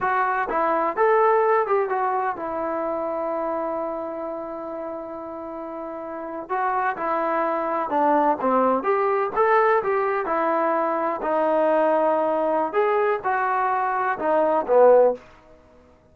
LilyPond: \new Staff \with { instrumentName = "trombone" } { \time 4/4 \tempo 4 = 127 fis'4 e'4 a'4. g'8 | fis'4 e'2.~ | e'1~ | e'4.~ e'16 fis'4 e'4~ e'16~ |
e'8. d'4 c'4 g'4 a'16~ | a'8. g'4 e'2 dis'16~ | dis'2. gis'4 | fis'2 dis'4 b4 | }